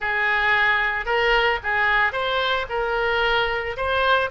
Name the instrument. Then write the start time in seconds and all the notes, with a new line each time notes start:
oboe
0.00 G#4
1.05 A#4
1.63 G#4
2.12 C5
2.69 A#4
3.76 C5